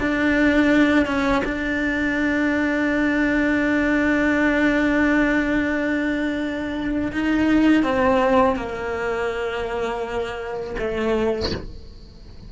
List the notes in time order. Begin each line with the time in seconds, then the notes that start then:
0.00 D4
1.06 C#4
1.45 D4
7.12 D#4
7.83 C4
8.56 A#3
10.79 A3